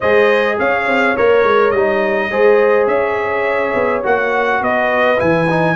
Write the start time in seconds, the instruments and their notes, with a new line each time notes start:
0.00 tuba G#3, trombone G#4, horn C5, trumpet D#5
0.59 tuba C#4, horn C#5, trumpet F5
0.87 tuba C4
1.16 tuba A#3, trombone A#4, trumpet C#5
1.43 tuba G#3
1.70 tuba G3, trombone D#4, trumpet D#5
2.30 tuba G#3, trombone G#4, horn C5
2.87 tuba C#4, horn C#5, trumpet E5
3.74 tuba B3
4.03 tuba A#3, trombone F#4, trumpet F#5
4.61 tuba B3, horn B4, trumpet D#5
5.16 tuba E3, trombone E4, trumpet G#5
5.49 trombone D#4